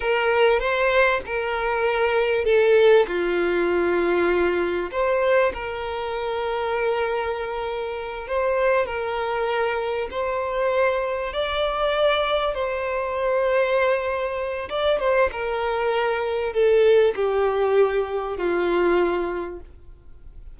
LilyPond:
\new Staff \with { instrumentName = "violin" } { \time 4/4 \tempo 4 = 98 ais'4 c''4 ais'2 | a'4 f'2. | c''4 ais'2.~ | ais'4. c''4 ais'4.~ |
ais'8 c''2 d''4.~ | d''8 c''2.~ c''8 | d''8 c''8 ais'2 a'4 | g'2 f'2 | }